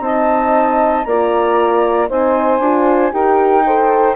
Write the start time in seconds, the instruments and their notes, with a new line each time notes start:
0.00 bassoon C4, horn D#4, saxophone D#5, flute A5
1.04 bassoon A#3, horn F4, saxophone D5, flute A#5
2.08 bassoon C4, horn D#4, saxophone C5, flute G#5
2.59 bassoon D4, horn F4
3.11 bassoon D#4, horn G4, saxophone A#4, flute G5
3.65 horn A4, saxophone C5